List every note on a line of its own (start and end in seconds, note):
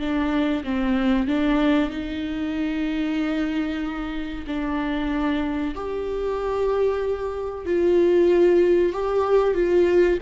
0.00 0.64 D4
0.64 1.28 C4
1.28 1.90 D4
1.90 4.46 D#4
4.47 5.75 D4
5.75 7.66 G4
7.66 8.93 F4
8.93 9.55 G4
9.55 10.19 F4